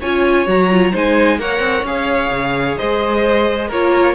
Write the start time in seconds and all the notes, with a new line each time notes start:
0.00 C#4 F4 C#5 G#5
0.46 F#3 F#4 A#5
0.72 F4
0.92 G#3 D#4 C5 G#5
1.39 A#3 A#4 C#5 F#5
1.59 C4
1.83 C#4 G#4 F5
2.31 C#3
2.77 G#3 C5 D#5
3.68 A#3 F4 A#4 C#5